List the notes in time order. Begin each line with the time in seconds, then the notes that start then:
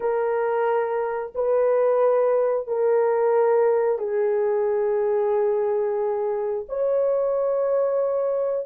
0.00 A#4
1.34 B4
2.67 A#4
3.98 G#4
6.68 C#5